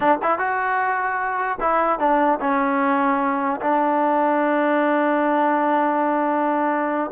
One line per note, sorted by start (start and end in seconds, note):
0.00 0.18 D4
0.22 0.38 E4
0.38 1.58 F#4
1.60 1.99 E4
1.99 2.39 D4
2.40 3.60 C#4
3.60 7.10 D4